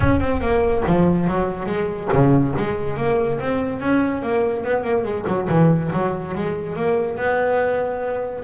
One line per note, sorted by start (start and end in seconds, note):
0.00 0.20 C#4
0.20 0.40 C4
0.40 0.83 A#3
0.86 1.27 F3
1.27 1.66 F#3
1.66 2.08 G#3
2.12 2.54 C#3
2.56 2.97 G#3
2.97 3.39 A#3
3.40 3.80 C4
3.80 4.22 C#4
4.22 4.63 A#3
4.63 4.83 B3
4.83 5.04 A#3
5.04 5.25 G#3
5.27 5.48 F#3
5.48 5.91 E3
5.93 6.35 F#3
6.35 6.75 G#3
6.75 7.17 A#3
7.17 8.44 B3